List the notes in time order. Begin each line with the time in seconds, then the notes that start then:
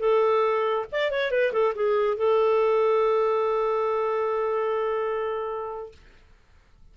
0.00 A4
0.92 D5
1.11 C#5
1.31 B4
1.53 A4
1.75 G#4
2.17 A4